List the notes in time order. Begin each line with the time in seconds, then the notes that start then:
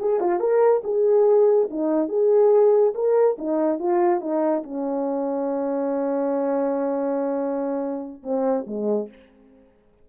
0.00 G#4
0.20 F4
0.40 A#4
0.84 G#4
1.70 D#4
2.09 G#4
2.95 A#4
3.38 D#4
3.79 F4
4.21 D#4
4.63 C#4
8.23 C4
8.67 G#3